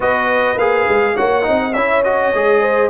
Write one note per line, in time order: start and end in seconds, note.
0.00 0.56 B3
0.00 0.57 F#4
0.00 1.15 B4
0.00 0.58 D#5
0.56 0.85 A#3
0.56 1.16 G#4
0.56 1.16 F5
0.88 1.17 G#3
1.15 1.47 A#3
1.15 1.42 F#4
1.15 1.44 C#5
1.15 1.73 F#5
1.42 1.75 C4
1.42 1.71 D#4
1.42 1.73 D#5
1.73 2.33 C#4
1.73 2.04 E4
1.73 2.60 C#5
1.73 2.02 E5
2.03 2.33 F#4
2.03 2.89 D#5
2.34 2.89 G#3
2.34 2.89 G#4
2.60 2.89 C5